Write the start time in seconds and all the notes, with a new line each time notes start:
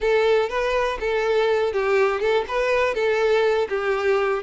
0.00 A4
0.49 B4
1.00 A4
1.72 G4
2.20 A4
2.48 B4
2.94 A4
3.68 G4